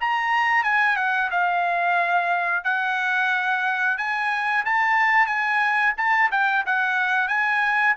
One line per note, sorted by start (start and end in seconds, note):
0.00 0.63 A#5
0.63 0.96 G#5
0.96 1.29 F#5
1.30 2.64 F5
2.64 3.97 F#5
3.97 4.64 G#5
4.65 5.26 A5
5.26 5.93 G#5
5.97 6.30 A5
6.31 6.64 G5
6.66 7.28 F#5
7.28 7.94 G#5